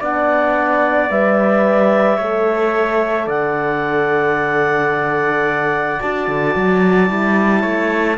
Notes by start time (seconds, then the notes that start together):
0.00 B3 D4 D5 F#5
1.10 G3 B4 E5
2.17 A3 A4 C#5
3.27 D3 D5 F#5
6.01 D4 F#4 A5
6.28 D3
6.55 F#3
7.07 G3 E4
7.61 A3 C#5